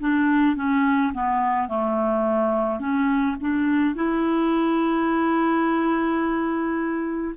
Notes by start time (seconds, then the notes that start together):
0.00 D4
0.56 C#4
1.14 B3
1.69 A3
2.80 C#4
3.41 D4
3.95 E4